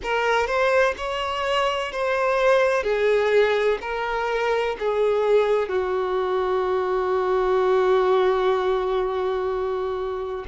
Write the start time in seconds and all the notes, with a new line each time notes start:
0.03 A#4
0.46 C5
0.97 C#5
1.92 C5
2.83 G#4
3.81 A#4
4.79 G#4
5.68 F#4